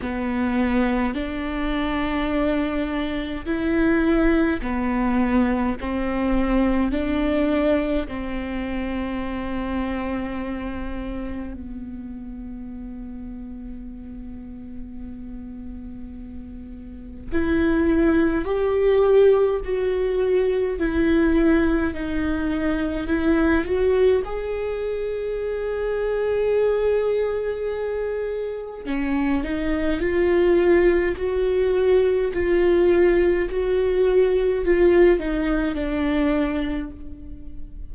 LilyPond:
\new Staff \with { instrumentName = "viola" } { \time 4/4 \tempo 4 = 52 b4 d'2 e'4 | b4 c'4 d'4 c'4~ | c'2 b2~ | b2. e'4 |
g'4 fis'4 e'4 dis'4 | e'8 fis'8 gis'2.~ | gis'4 cis'8 dis'8 f'4 fis'4 | f'4 fis'4 f'8 dis'8 d'4 | }